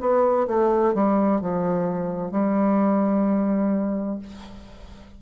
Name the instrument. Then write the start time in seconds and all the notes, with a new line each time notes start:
bassoon
0.00 B3
0.48 A3
0.94 G3
1.41 F3
2.32 G3